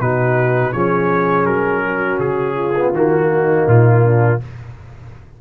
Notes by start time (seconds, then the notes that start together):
0.00 B2 D#4 F#4 B4
0.72 F3 C#4 G#4 C#5
1.45 F#3 A#4
1.86 F#4
2.19 C#3 G#4
2.55 F4
2.76 B3
2.91 D#3 A#3 F#4
3.32 D#4
3.67 A#2 F4
4.03 D4